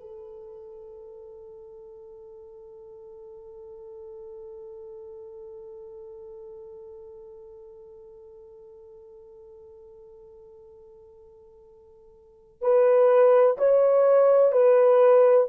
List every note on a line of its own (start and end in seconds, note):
0.00 12.61 A4
12.61 13.57 B4
13.58 14.52 C#5
14.52 15.47 B4